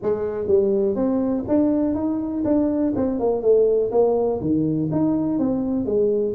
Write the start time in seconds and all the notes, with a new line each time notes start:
0.02 G#3
0.47 G3
0.95 C4
1.48 D4
1.94 D#4
2.44 D4
2.95 C4
3.19 A#3
3.41 A3
3.91 A#3
4.41 D#3
4.91 D#4
5.39 C4
5.85 G#3